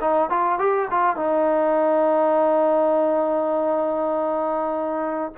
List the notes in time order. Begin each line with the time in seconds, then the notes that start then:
0.00 D#4
0.29 F4
0.58 G4
0.90 F4
1.16 D#4